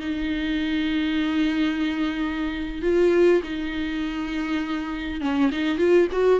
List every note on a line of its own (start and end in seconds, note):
0.00 2.82 D#4
2.82 3.41 F4
3.43 5.20 D#4
5.20 5.50 C#4
5.51 5.78 D#4
5.78 6.07 F4
6.11 6.39 F#4